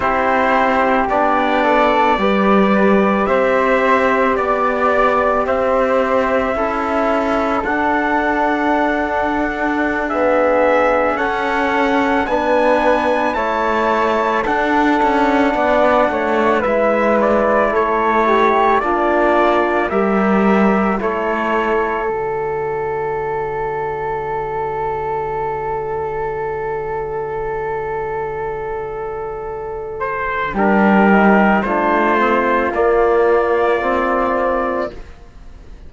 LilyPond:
<<
  \new Staff \with { instrumentName = "trumpet" } { \time 4/4 \tempo 4 = 55 c''4 d''2 e''4 | d''4 e''2 fis''4~ | fis''4~ fis''16 e''4 fis''4 gis''8.~ | gis''16 a''4 fis''2 e''8 d''16~ |
d''16 cis''4 d''4 e''4 cis''8.~ | cis''16 d''2.~ d''8.~ | d''2.~ d''8 c''8 | ais'4 c''4 d''2 | }
  \new Staff \with { instrumentName = "flute" } { \time 4/4 g'4. a'8 b'4 c''4 | d''4 c''4 a'2~ | a'4~ a'16 gis'4 a'4 b'8.~ | b'16 cis''4 a'4 d''8 cis''8 b'8.~ |
b'16 a'8 g'8 f'4 ais'4 a'8.~ | a'1~ | a'1 | g'4 f'2. | }
  \new Staff \with { instrumentName = "trombone" } { \time 4/4 e'4 d'4 g'2~ | g'2 e'4 d'4~ | d'4~ d'16 b4 cis'4 d'8.~ | d'16 e'4 d'2 e'8.~ |
e'4~ e'16 d'4 g'4 e'8.~ | e'16 fis'2.~ fis'8.~ | fis'1 | d'8 dis'8 d'8 c'8 ais4 c'4 | }
  \new Staff \with { instrumentName = "cello" } { \time 4/4 c'4 b4 g4 c'4 | b4 c'4 cis'4 d'4~ | d'2~ d'16 cis'4 b8.~ | b16 a4 d'8 cis'8 b8 a8 gis8.~ |
gis16 a4 ais4 g4 a8.~ | a16 d2.~ d8.~ | d1 | g4 a4 ais2 | }
>>